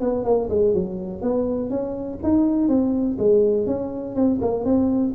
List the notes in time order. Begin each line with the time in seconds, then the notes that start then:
0.00 B3
0.24 A#3
0.49 G#3
0.73 F#3
1.21 B3
1.70 C#4
2.23 D#4
2.68 C4
3.18 G#3
3.66 C#4
4.15 C4
4.41 A#3
4.65 C4